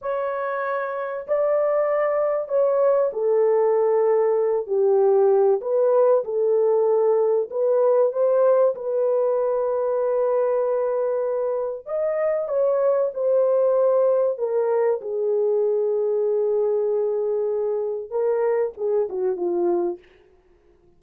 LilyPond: \new Staff \with { instrumentName = "horn" } { \time 4/4 \tempo 4 = 96 cis''2 d''2 | cis''4 a'2~ a'8 g'8~ | g'4 b'4 a'2 | b'4 c''4 b'2~ |
b'2. dis''4 | cis''4 c''2 ais'4 | gis'1~ | gis'4 ais'4 gis'8 fis'8 f'4 | }